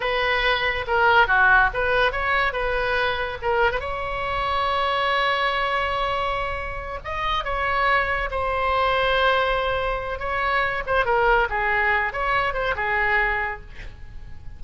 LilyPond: \new Staff \with { instrumentName = "oboe" } { \time 4/4 \tempo 4 = 141 b'2 ais'4 fis'4 | b'4 cis''4 b'2 | ais'8. b'16 cis''2.~ | cis''1~ |
cis''8 dis''4 cis''2 c''8~ | c''1 | cis''4. c''8 ais'4 gis'4~ | gis'8 cis''4 c''8 gis'2 | }